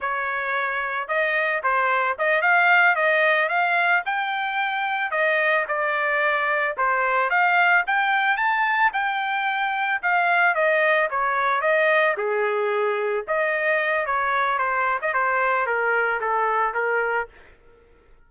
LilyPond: \new Staff \with { instrumentName = "trumpet" } { \time 4/4 \tempo 4 = 111 cis''2 dis''4 c''4 | dis''8 f''4 dis''4 f''4 g''8~ | g''4. dis''4 d''4.~ | d''8 c''4 f''4 g''4 a''8~ |
a''8 g''2 f''4 dis''8~ | dis''8 cis''4 dis''4 gis'4.~ | gis'8 dis''4. cis''4 c''8. dis''16 | c''4 ais'4 a'4 ais'4 | }